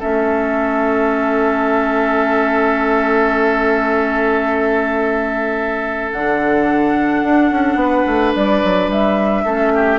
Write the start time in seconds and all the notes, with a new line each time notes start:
0.00 A3 C#4 A4 E5
6.12 D3 D4 F#5
7.23 D4
7.51 C#4
7.76 B3 B4
8.06 A3
8.35 G3 D5
8.64 F#3
8.88 G3 E5
9.45 A3 C#4 A4
9.75 G4